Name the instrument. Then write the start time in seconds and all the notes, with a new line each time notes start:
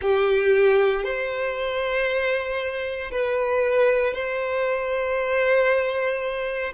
violin
0.01 G4
1.03 C5
3.11 B4
4.14 C5